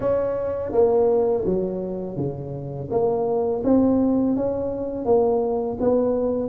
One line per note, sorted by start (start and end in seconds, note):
0.00 0.72 C#4
0.72 1.44 A#3
1.45 2.17 F#3
2.17 2.89 C#3
2.90 3.62 A#3
3.63 4.36 C4
4.36 5.05 C#4
5.05 5.77 A#3
5.80 6.49 B3